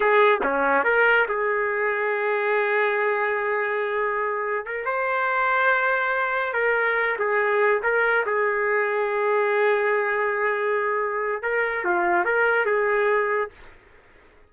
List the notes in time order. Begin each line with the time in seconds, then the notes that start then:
0.00 G#4
0.43 C#4
0.84 A#4
1.28 G#4
4.65 A#4
4.85 C5
6.53 A#4
7.18 G#4
7.83 A#4
8.25 G#4
11.42 A#4
11.84 F4
12.24 A#4
12.65 G#4